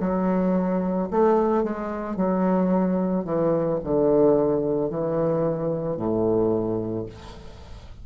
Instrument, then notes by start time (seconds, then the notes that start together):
bassoon
0.00 F#3
1.11 A3
1.64 G#3
2.16 F#3
3.25 E3
3.84 D3
4.90 E3
5.97 A2